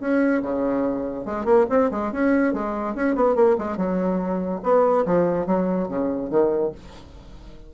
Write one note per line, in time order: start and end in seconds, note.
0.00 0.42 C#4
0.42 1.25 C#3
1.25 1.45 G#3
1.45 1.66 A#3
1.70 1.91 C4
1.91 2.12 G#3
2.12 2.53 C#4
2.53 2.95 G#3
2.95 3.15 C#4
3.15 3.35 B3
3.35 3.56 A#3
3.58 3.77 G#3
3.77 4.61 F#3
4.63 5.05 B3
5.06 5.46 F3
5.46 5.88 F#3
5.88 6.30 C#3
6.30 6.72 D#3